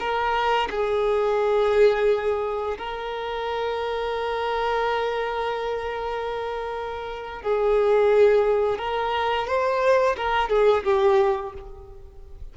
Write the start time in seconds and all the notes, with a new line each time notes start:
0.00 A#4
0.71 G#4
2.78 A#4
7.43 G#4
8.79 A#4
9.48 C5
10.18 A#4
10.50 G#4
10.85 G4